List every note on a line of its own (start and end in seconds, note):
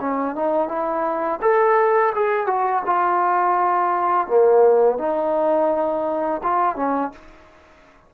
0.00 0.35 C#4
0.35 0.68 D#4
0.68 1.40 E4
1.42 2.13 A4
2.15 2.47 G#4
2.47 2.82 F#4
2.86 4.27 F4
4.27 4.98 A#3
4.98 6.41 D#4
6.43 6.76 F4
6.76 7.11 C#4